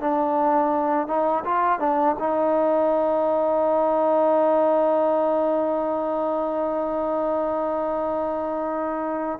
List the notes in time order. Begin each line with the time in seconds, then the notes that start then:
0.00 D4
1.07 D#4
1.44 F4
1.79 D4
2.19 D#4